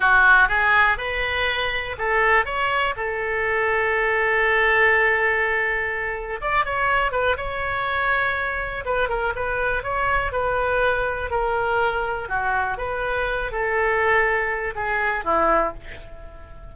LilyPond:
\new Staff \with { instrumentName = "oboe" } { \time 4/4 \tempo 4 = 122 fis'4 gis'4 b'2 | a'4 cis''4 a'2~ | a'1~ | a'4 d''8 cis''4 b'8 cis''4~ |
cis''2 b'8 ais'8 b'4 | cis''4 b'2 ais'4~ | ais'4 fis'4 b'4. a'8~ | a'2 gis'4 e'4 | }